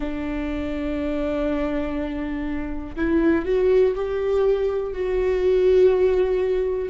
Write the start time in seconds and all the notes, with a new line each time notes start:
0.00 D4
2.96 E4
3.45 F#4
3.94 G4
4.93 F#4